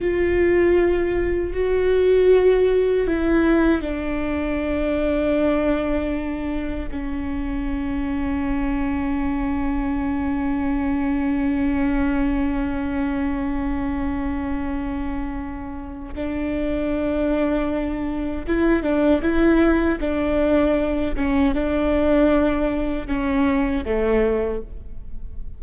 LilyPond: \new Staff \with { instrumentName = "viola" } { \time 4/4 \tempo 4 = 78 f'2 fis'2 | e'4 d'2.~ | d'4 cis'2.~ | cis'1~ |
cis'1~ | cis'4 d'2. | e'8 d'8 e'4 d'4. cis'8 | d'2 cis'4 a4 | }